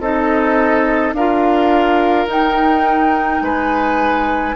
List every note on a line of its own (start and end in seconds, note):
0.00 1.13 C4
0.00 1.15 D#4
0.00 1.14 A4
0.00 1.14 D#5
1.13 2.26 D4
1.13 2.28 F4
1.13 3.43 A#4
1.13 2.28 F5
2.27 3.41 D#4
2.27 4.54 D#4
2.27 3.43 G5
3.42 4.55 G#3
3.42 4.56 B4
3.42 4.56 G#5